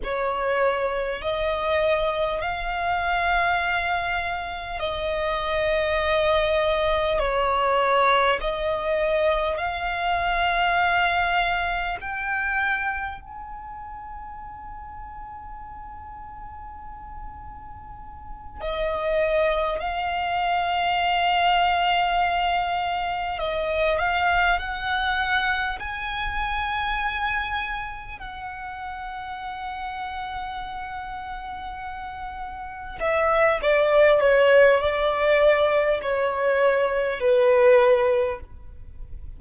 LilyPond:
\new Staff \with { instrumentName = "violin" } { \time 4/4 \tempo 4 = 50 cis''4 dis''4 f''2 | dis''2 cis''4 dis''4 | f''2 g''4 gis''4~ | gis''2.~ gis''8 dis''8~ |
dis''8 f''2. dis''8 | f''8 fis''4 gis''2 fis''8~ | fis''2.~ fis''8 e''8 | d''8 cis''8 d''4 cis''4 b'4 | }